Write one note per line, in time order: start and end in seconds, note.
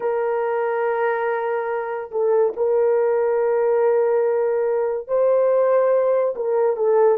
0.00 2.10 A#4
2.11 2.53 A4
2.56 5.07 A#4
5.07 6.34 C5
6.35 6.76 A#4
6.76 7.18 A4